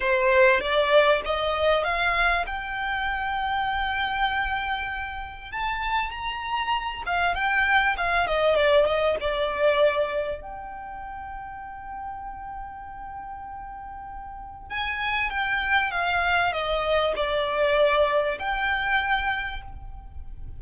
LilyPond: \new Staff \with { instrumentName = "violin" } { \time 4/4 \tempo 4 = 98 c''4 d''4 dis''4 f''4 | g''1~ | g''4 a''4 ais''4. f''8 | g''4 f''8 dis''8 d''8 dis''8 d''4~ |
d''4 g''2.~ | g''1 | gis''4 g''4 f''4 dis''4 | d''2 g''2 | }